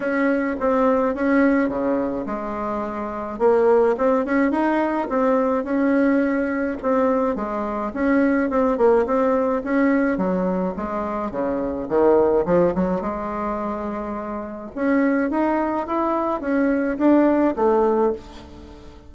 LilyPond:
\new Staff \with { instrumentName = "bassoon" } { \time 4/4 \tempo 4 = 106 cis'4 c'4 cis'4 cis4 | gis2 ais4 c'8 cis'8 | dis'4 c'4 cis'2 | c'4 gis4 cis'4 c'8 ais8 |
c'4 cis'4 fis4 gis4 | cis4 dis4 f8 fis8 gis4~ | gis2 cis'4 dis'4 | e'4 cis'4 d'4 a4 | }